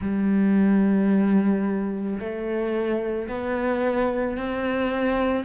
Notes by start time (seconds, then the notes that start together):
0.00 G3
2.19 A3
3.28 B3
4.37 C4